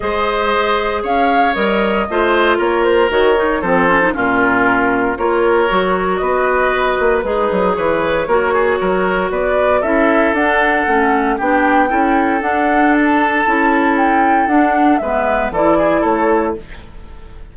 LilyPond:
<<
  \new Staff \with { instrumentName = "flute" } { \time 4/4 \tempo 4 = 116 dis''2 f''4 dis''4~ | dis''4 cis''8 c''8 cis''4 c''4 | ais'2 cis''2 | dis''2 b'4 cis''4~ |
cis''2 d''4 e''4 | fis''2 g''2 | fis''4 a''2 g''4 | fis''4 e''4 d''4 cis''4 | }
  \new Staff \with { instrumentName = "oboe" } { \time 4/4 c''2 cis''2 | c''4 ais'2 a'4 | f'2 ais'2 | b'2 dis'4 b'4 |
ais'8 gis'8 ais'4 b'4 a'4~ | a'2 g'4 a'4~ | a'1~ | a'4 b'4 a'8 gis'8 a'4 | }
  \new Staff \with { instrumentName = "clarinet" } { \time 4/4 gis'2. ais'4 | f'2 fis'8 dis'8 c'8 cis'16 dis'16 | cis'2 f'4 fis'4~ | fis'2 gis'2 |
fis'2. e'4 | d'4 cis'4 d'4 e'4 | d'2 e'2 | d'4 b4 e'2 | }
  \new Staff \with { instrumentName = "bassoon" } { \time 4/4 gis2 cis'4 g4 | a4 ais4 dis4 f4 | ais,2 ais4 fis4 | b4. ais8 gis8 fis8 e4 |
ais4 fis4 b4 cis'4 | d'4 a4 b4 cis'4 | d'2 cis'2 | d'4 gis4 e4 a4 | }
>>